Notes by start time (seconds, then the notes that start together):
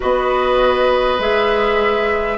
0.00 B3 F#4 B4 D#5
1.18 G#3 G#4 E5